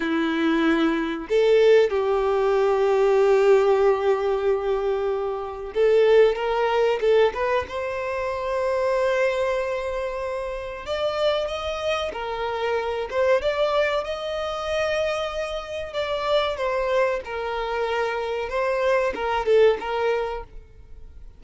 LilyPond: \new Staff \with { instrumentName = "violin" } { \time 4/4 \tempo 4 = 94 e'2 a'4 g'4~ | g'1~ | g'4 a'4 ais'4 a'8 b'8 | c''1~ |
c''4 d''4 dis''4 ais'4~ | ais'8 c''8 d''4 dis''2~ | dis''4 d''4 c''4 ais'4~ | ais'4 c''4 ais'8 a'8 ais'4 | }